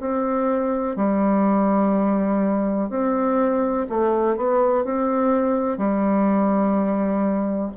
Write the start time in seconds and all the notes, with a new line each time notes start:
0.00 C4
0.96 G3
2.89 C4
3.89 A3
4.37 B3
4.84 C4
5.78 G3